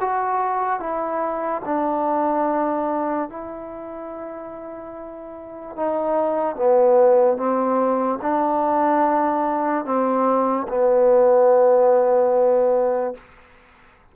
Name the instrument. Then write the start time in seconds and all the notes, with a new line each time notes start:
trombone
0.00 F#4
0.79 E4
1.64 D4
3.29 E4
5.76 D#4
6.55 B3
7.37 C4
8.22 D4
9.84 C4
10.68 B3